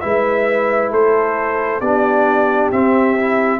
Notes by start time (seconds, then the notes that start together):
0.00 G#3 E4 B4 E5
0.91 A3 A4 C5
1.80 B3 D4 G4 D5
2.72 C4 E5
3.18 E4